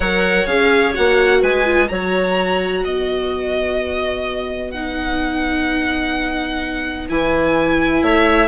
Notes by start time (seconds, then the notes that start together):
0.00 F#3 A#4 C#5 F#5
0.46 C#4 G#4 F5
0.93 A#3 F#4 F#5
1.41 G#3 B4 G#5
1.65 F4
1.88 F#3 F#4 C#5 A#5
2.83 B3 B4 D#5
4.71 D#4 F#5
7.09 E3 E4 G#5
8.02 A3 C#5 E5